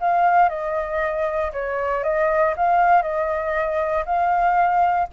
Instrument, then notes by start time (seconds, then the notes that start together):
flute
0.00 F5
0.49 D#5
1.52 C#5
2.03 D#5
2.56 F5
3.02 D#5
4.05 F5